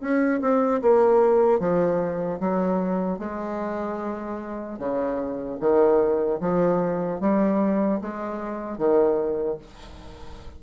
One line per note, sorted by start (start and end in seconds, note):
0.00 0.40 C#4
0.41 0.81 C4
0.81 1.59 A#3
1.59 2.39 F3
2.40 3.19 F#3
3.19 4.79 G#3
4.79 5.59 C#3
5.60 6.40 D#3
6.40 7.20 F3
7.20 8.00 G3
8.01 8.78 G#3
8.78 9.58 D#3